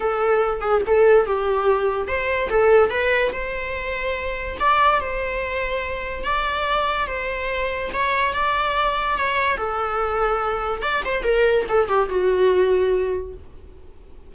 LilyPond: \new Staff \with { instrumentName = "viola" } { \time 4/4 \tempo 4 = 144 a'4. gis'8 a'4 g'4~ | g'4 c''4 a'4 b'4 | c''2. d''4 | c''2. d''4~ |
d''4 c''2 cis''4 | d''2 cis''4 a'4~ | a'2 d''8 c''8 ais'4 | a'8 g'8 fis'2. | }